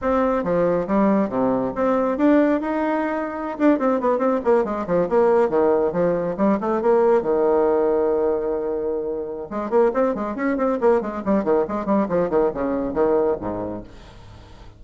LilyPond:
\new Staff \with { instrumentName = "bassoon" } { \time 4/4 \tempo 4 = 139 c'4 f4 g4 c4 | c'4 d'4 dis'2~ | dis'16 d'8 c'8 b8 c'8 ais8 gis8 f8 ais16~ | ais8. dis4 f4 g8 a8 ais16~ |
ais8. dis2.~ dis16~ | dis2 gis8 ais8 c'8 gis8 | cis'8 c'8 ais8 gis8 g8 dis8 gis8 g8 | f8 dis8 cis4 dis4 gis,4 | }